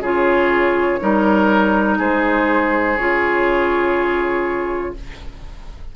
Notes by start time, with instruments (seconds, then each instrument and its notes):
0.00 bassoon C#3, clarinet F4, oboe G#4, flute C#5
1.00 bassoon G3, clarinet D#4, oboe A#4
1.98 bassoon G#3, oboe G#4, flute C5
2.97 bassoon C#3, clarinet F4, flute C#5